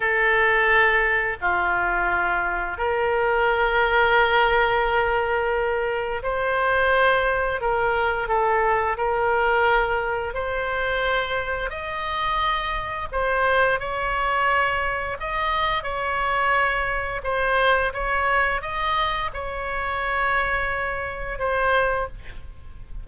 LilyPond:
\new Staff \with { instrumentName = "oboe" } { \time 4/4 \tempo 4 = 87 a'2 f'2 | ais'1~ | ais'4 c''2 ais'4 | a'4 ais'2 c''4~ |
c''4 dis''2 c''4 | cis''2 dis''4 cis''4~ | cis''4 c''4 cis''4 dis''4 | cis''2. c''4 | }